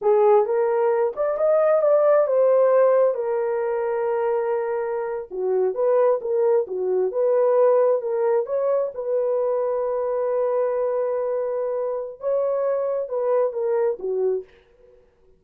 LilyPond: \new Staff \with { instrumentName = "horn" } { \time 4/4 \tempo 4 = 133 gis'4 ais'4. d''8 dis''4 | d''4 c''2 ais'4~ | ais'2.~ ais'8. fis'16~ | fis'8. b'4 ais'4 fis'4 b'16~ |
b'4.~ b'16 ais'4 cis''4 b'16~ | b'1~ | b'2. cis''4~ | cis''4 b'4 ais'4 fis'4 | }